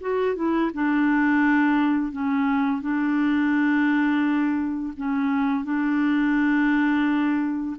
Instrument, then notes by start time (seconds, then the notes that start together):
clarinet
0.00 F#4
0.36 E4
0.74 D4
2.12 C#4
2.81 D4
4.97 C#4
5.64 D4